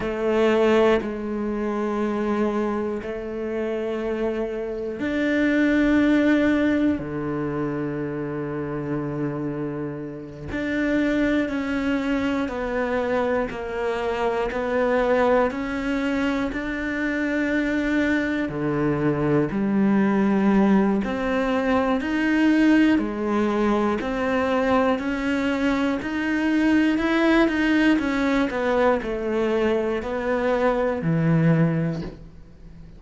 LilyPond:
\new Staff \with { instrumentName = "cello" } { \time 4/4 \tempo 4 = 60 a4 gis2 a4~ | a4 d'2 d4~ | d2~ d8 d'4 cis'8~ | cis'8 b4 ais4 b4 cis'8~ |
cis'8 d'2 d4 g8~ | g4 c'4 dis'4 gis4 | c'4 cis'4 dis'4 e'8 dis'8 | cis'8 b8 a4 b4 e4 | }